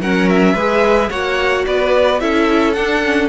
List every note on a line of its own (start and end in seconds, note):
0.00 0.54 F#3
0.00 0.56 C#4
0.00 0.54 A#4
0.00 0.29 F#5
0.29 1.10 E5
0.54 1.09 G#3
0.54 1.10 G#4
0.54 1.09 B4
1.10 1.65 A#3
1.10 2.19 F#4
1.10 1.65 C#5
1.10 1.65 F#5
1.66 2.21 B3
1.66 2.21 B4
1.66 2.20 D5
2.19 2.76 C#4
2.19 2.75 E4
2.19 3.28 A4
2.19 2.73 E5
2.73 3.03 D4
2.73 3.28 D4
2.73 3.28 F#5
3.03 3.28 C#4